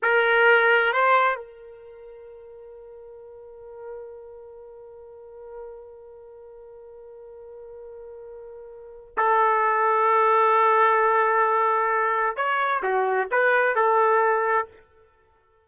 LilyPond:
\new Staff \with { instrumentName = "trumpet" } { \time 4/4 \tempo 4 = 131 ais'2 c''4 ais'4~ | ais'1~ | ais'1~ | ais'1~ |
ais'1 | a'1~ | a'2. cis''4 | fis'4 b'4 a'2 | }